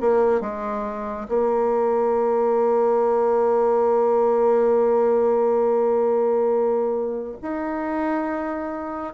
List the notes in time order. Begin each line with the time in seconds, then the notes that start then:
0.00 A#3
0.40 G#3
1.28 A#3
7.42 D#4